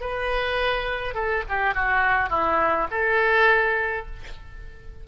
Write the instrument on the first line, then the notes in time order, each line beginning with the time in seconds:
oboe
0.00 B4
1.14 A4
1.49 G4
1.74 F#4
2.30 E4
2.91 A4